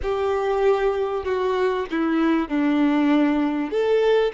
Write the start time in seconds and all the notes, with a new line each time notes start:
0.02 G4
1.24 F#4
1.90 E4
2.48 D4
3.70 A4